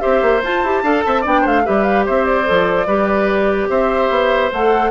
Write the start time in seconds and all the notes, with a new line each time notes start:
0.00 C4 G4 C5 E5
0.22 A#3
0.44 F4 A5
0.63 E4 G4
0.83 D4 A4 F5
1.07 C4 E5
1.22 B3 D4 D5 G5
1.41 A3 C5 F5
1.65 G3 G4 B4 E5
1.84 F5
2.06 C4 C5 E5
2.25 D5
2.45 F3 A4
2.87 G3 G4 B4
3.69 C4 C5 E5
4.10 B3
4.53 A3 A4 F#5